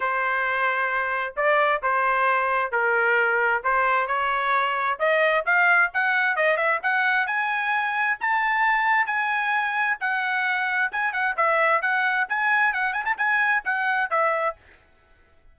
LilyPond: \new Staff \with { instrumentName = "trumpet" } { \time 4/4 \tempo 4 = 132 c''2. d''4 | c''2 ais'2 | c''4 cis''2 dis''4 | f''4 fis''4 dis''8 e''8 fis''4 |
gis''2 a''2 | gis''2 fis''2 | gis''8 fis''8 e''4 fis''4 gis''4 | fis''8 gis''16 a''16 gis''4 fis''4 e''4 | }